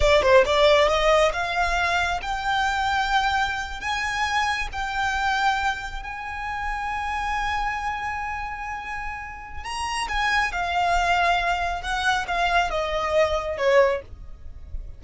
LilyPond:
\new Staff \with { instrumentName = "violin" } { \time 4/4 \tempo 4 = 137 d''8 c''8 d''4 dis''4 f''4~ | f''4 g''2.~ | g''8. gis''2 g''4~ g''16~ | g''4.~ g''16 gis''2~ gis''16~ |
gis''1~ | gis''2 ais''4 gis''4 | f''2. fis''4 | f''4 dis''2 cis''4 | }